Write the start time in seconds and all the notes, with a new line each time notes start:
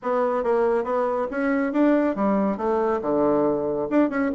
0.02 B3
0.43 A#3
0.84 B3
1.30 C#4
1.72 D4
2.15 G3
2.57 A3
3.01 D3
3.90 D4
4.09 C#4